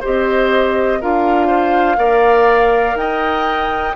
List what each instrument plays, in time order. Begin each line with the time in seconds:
0.00 bassoon C4, clarinet G4, oboe C5, flute D#5
1.01 bassoon D4, clarinet F4, oboe A#4, flute F5
1.47 oboe C5
1.96 bassoon A#3, clarinet A#4, oboe D5
2.94 bassoon D#4, oboe D#5, flute G5